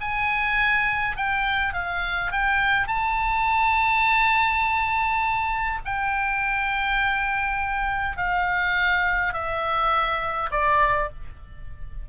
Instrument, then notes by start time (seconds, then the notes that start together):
oboe
0.00 G#5
1.16 G5
1.73 F5
2.31 G5
2.87 A5
5.84 G5
8.17 F5
9.33 E5
10.50 D5